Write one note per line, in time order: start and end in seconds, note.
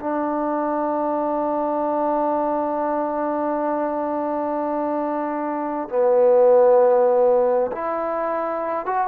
0.00 5.89 D4
5.89 7.71 B3
7.72 8.86 E4
8.86 9.07 F#4